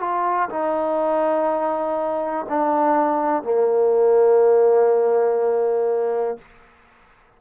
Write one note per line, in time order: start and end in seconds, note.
0.00 0.49 F4
0.50 2.46 D#4
2.49 3.43 D4
3.43 6.38 A#3